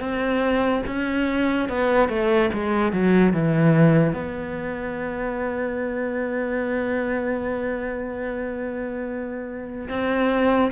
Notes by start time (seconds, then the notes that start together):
0.00 C4
0.87 C#4
1.68 B3
2.08 A3
2.53 G#3
2.92 F#3
3.33 E3
4.13 B3
9.89 C4